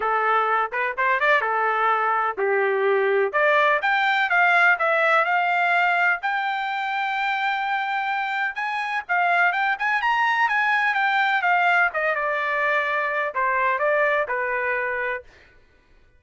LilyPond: \new Staff \with { instrumentName = "trumpet" } { \time 4/4 \tempo 4 = 126 a'4. b'8 c''8 d''8 a'4~ | a'4 g'2 d''4 | g''4 f''4 e''4 f''4~ | f''4 g''2.~ |
g''2 gis''4 f''4 | g''8 gis''8 ais''4 gis''4 g''4 | f''4 dis''8 d''2~ d''8 | c''4 d''4 b'2 | }